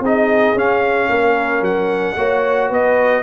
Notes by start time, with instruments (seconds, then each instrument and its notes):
0.00 tuba C4, trombone D#4, horn G#4, trumpet D#5
0.54 tuba C#4, trombone C#4, trumpet F5
1.09 tuba A#3, horn A#4
1.61 tuba F#3, trumpet F#5
2.16 tuba A#3, trombone F#4, horn C#5
2.69 tuba B3, horn B4, trumpet D#5